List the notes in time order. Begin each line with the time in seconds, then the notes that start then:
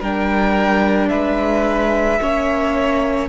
0.00 G3 D4 A#4 G5
1.09 G#3 B4 E5
2.20 A#3 C#4 C#5